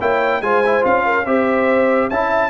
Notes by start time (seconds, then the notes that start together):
0.00 A#3 E4 C#5 G5
0.41 G#3 F4 C5 G#5
0.65 E4
0.81 C#4 F4 F5
1.04 A#4
1.25 C4 G4 C5 E5
2.09 C#4 E4 E5 A5